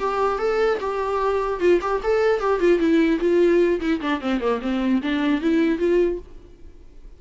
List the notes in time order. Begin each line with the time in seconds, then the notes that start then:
0.00 G4
0.39 A4
0.80 G4
1.61 F4
1.81 G4
2.03 A4
2.40 G4
2.60 F4
2.79 E4
3.20 F4
3.81 E4
4.01 D4
4.21 C4
4.41 A#3
4.62 C4
5.03 D4
5.41 E4
5.79 F4